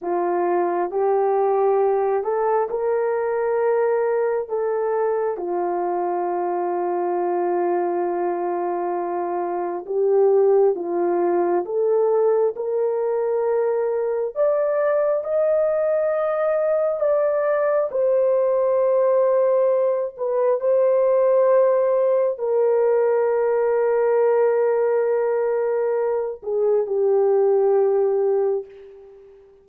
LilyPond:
\new Staff \with { instrumentName = "horn" } { \time 4/4 \tempo 4 = 67 f'4 g'4. a'8 ais'4~ | ais'4 a'4 f'2~ | f'2. g'4 | f'4 a'4 ais'2 |
d''4 dis''2 d''4 | c''2~ c''8 b'8 c''4~ | c''4 ais'2.~ | ais'4. gis'8 g'2 | }